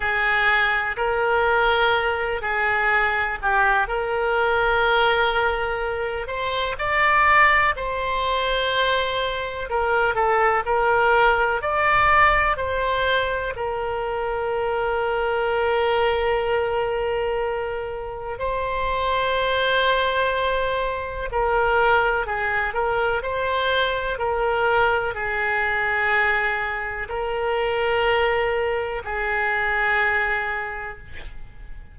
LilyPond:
\new Staff \with { instrumentName = "oboe" } { \time 4/4 \tempo 4 = 62 gis'4 ais'4. gis'4 g'8 | ais'2~ ais'8 c''8 d''4 | c''2 ais'8 a'8 ais'4 | d''4 c''4 ais'2~ |
ais'2. c''4~ | c''2 ais'4 gis'8 ais'8 | c''4 ais'4 gis'2 | ais'2 gis'2 | }